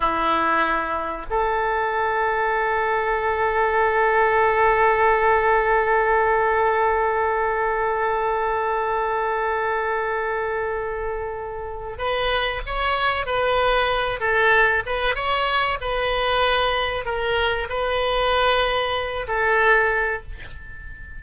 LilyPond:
\new Staff \with { instrumentName = "oboe" } { \time 4/4 \tempo 4 = 95 e'2 a'2~ | a'1~ | a'1~ | a'1~ |
a'2. b'4 | cis''4 b'4. a'4 b'8 | cis''4 b'2 ais'4 | b'2~ b'8 a'4. | }